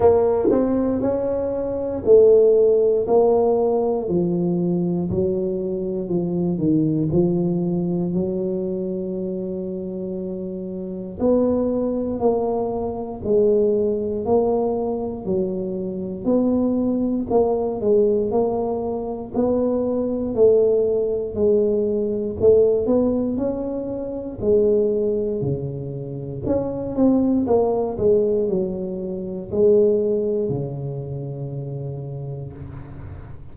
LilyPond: \new Staff \with { instrumentName = "tuba" } { \time 4/4 \tempo 4 = 59 ais8 c'8 cis'4 a4 ais4 | f4 fis4 f8 dis8 f4 | fis2. b4 | ais4 gis4 ais4 fis4 |
b4 ais8 gis8 ais4 b4 | a4 gis4 a8 b8 cis'4 | gis4 cis4 cis'8 c'8 ais8 gis8 | fis4 gis4 cis2 | }